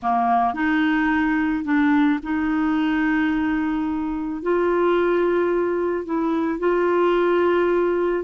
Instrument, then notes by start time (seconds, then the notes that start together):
clarinet
0.02 A#3
0.54 D#4
1.64 D4
2.22 D#4
4.42 F4
6.05 E4
6.59 F4